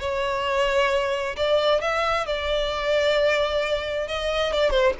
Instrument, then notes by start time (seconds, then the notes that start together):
violin
0.00 C#5
1.37 D5
1.82 E5
2.27 D5
4.08 D#5
4.54 D5
4.71 C5